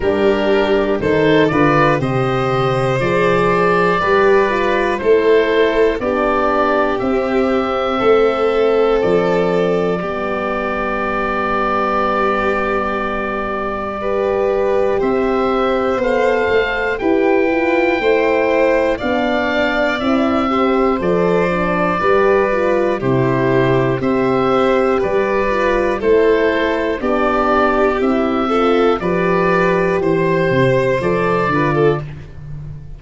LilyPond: <<
  \new Staff \with { instrumentName = "oboe" } { \time 4/4 \tempo 4 = 60 ais'4 c''8 d''8 dis''4 d''4~ | d''4 c''4 d''4 e''4~ | e''4 d''2.~ | d''2. e''4 |
f''4 g''2 f''4 | e''4 d''2 c''4 | e''4 d''4 c''4 d''4 | e''4 d''4 c''4 d''4 | }
  \new Staff \with { instrumentName = "violin" } { \time 4/4 g'4 a'8 b'8 c''2 | b'4 a'4 g'2 | a'2 g'2~ | g'2 b'4 c''4~ |
c''4 b'4 c''4 d''4~ | d''8 c''4. b'4 g'4 | c''4 b'4 a'4 g'4~ | g'8 a'8 b'4 c''4. b'16 a'16 | }
  \new Staff \with { instrumentName = "horn" } { \time 4/4 d'4 dis'8 f'8 g'4 gis'4 | g'8 f'8 e'4 d'4 c'4~ | c'2 b2~ | b2 g'2 |
a'4 g'8 f'8 e'4 d'4 | e'8 g'8 a'8 d'8 g'8 f'8 e'4 | g'4. f'8 e'4 d'4 | e'8 f'8 g'2 a'8 f'8 | }
  \new Staff \with { instrumentName = "tuba" } { \time 4/4 g4 dis8 d8 c4 f4 | g4 a4 b4 c'4 | a4 f4 g2~ | g2. c'4 |
b8 a8 e'4 a4 b4 | c'4 f4 g4 c4 | c'4 g4 a4 b4 | c'4 f4 e8 c8 f8 d8 | }
>>